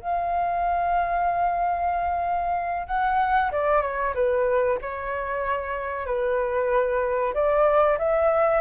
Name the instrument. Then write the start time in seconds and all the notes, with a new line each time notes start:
flute
0.00 F5
2.88 F#5
3.52 D5
3.82 C#5
4.15 B4
4.82 C#5
6.06 B4
7.34 D5
7.98 E5